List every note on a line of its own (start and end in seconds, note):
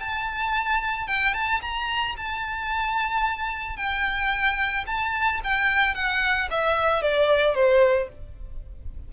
0.00 1.07 A5
1.07 1.34 G5
1.34 1.61 A5
1.61 2.15 A#5
2.17 3.77 A5
3.77 4.85 G5
4.87 5.41 A5
5.43 5.95 G5
5.95 6.49 F#5
6.51 7.02 E5
7.02 7.55 D5
7.55 8.09 C5